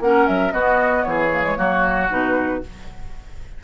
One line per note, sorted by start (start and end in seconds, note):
0.00 0.26 A#3
0.00 0.52 C#4
0.00 0.53 A#4
0.00 0.27 F#5
0.27 0.52 F#3
0.27 0.52 E5
0.52 1.30 B3
0.52 1.04 B3
0.52 1.05 F#4
0.52 1.03 D#5
1.03 1.58 E3
1.03 1.58 G#4
1.03 2.08 C#5
1.32 1.43 A#3
1.43 1.56 G#3
1.56 2.10 F#3
1.56 2.08 A#3
1.56 2.62 F#4
2.09 2.62 B2
2.09 2.62 D#4
2.09 2.63 B4